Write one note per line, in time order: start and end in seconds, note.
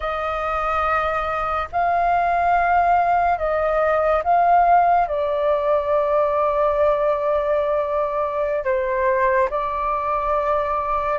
0.00 1.68 D#5
1.71 3.38 F5
3.38 4.23 D#5
4.23 5.07 F5
5.07 8.64 D5
8.64 9.49 C5
9.50 11.19 D5